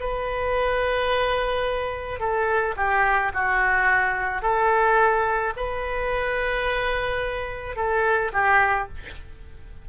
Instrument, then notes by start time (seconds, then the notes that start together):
oboe
0.00 B4
2.19 A4
2.76 G4
3.34 F#4
4.42 A4
5.57 B4
7.76 A4
8.32 G4